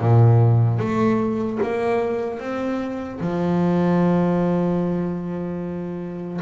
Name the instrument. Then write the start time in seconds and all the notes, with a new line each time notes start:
double bass
0.00 A#2
0.79 A3
1.63 A#3
2.40 C4
3.21 F3